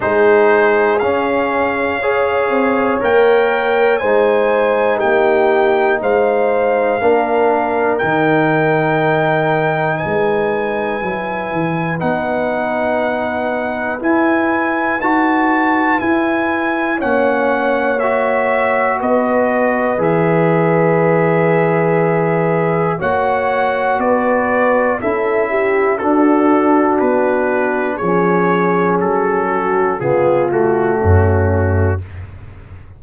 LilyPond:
<<
  \new Staff \with { instrumentName = "trumpet" } { \time 4/4 \tempo 4 = 60 c''4 f''2 g''4 | gis''4 g''4 f''2 | g''2 gis''2 | fis''2 gis''4 a''4 |
gis''4 fis''4 e''4 dis''4 | e''2. fis''4 | d''4 e''4 a'4 b'4 | cis''4 a'4 gis'8 fis'4. | }
  \new Staff \with { instrumentName = "horn" } { \time 4/4 gis'2 cis''2 | c''4 g'4 c''4 ais'4~ | ais'2 b'2~ | b'1~ |
b'4 cis''2 b'4~ | b'2. cis''4 | b'4 a'8 g'8 fis'2 | gis'4. fis'8 f'4 cis'4 | }
  \new Staff \with { instrumentName = "trombone" } { \time 4/4 dis'4 cis'4 gis'4 ais'4 | dis'2. d'4 | dis'2. e'4 | dis'2 e'4 fis'4 |
e'4 cis'4 fis'2 | gis'2. fis'4~ | fis'4 e'4 d'2 | cis'2 b8 a4. | }
  \new Staff \with { instrumentName = "tuba" } { \time 4/4 gis4 cis'4. c'8 ais4 | gis4 ais4 gis4 ais4 | dis2 gis4 fis8 e8 | b2 e'4 dis'4 |
e'4 ais2 b4 | e2. ais4 | b4 cis'4 d'4 b4 | f4 fis4 cis4 fis,4 | }
>>